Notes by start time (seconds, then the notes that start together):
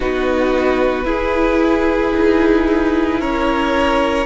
0.00 B3 D#4 F#4 B4
1.04 E4 G#4
2.15 D#4
3.20 C#4 A#4 C#5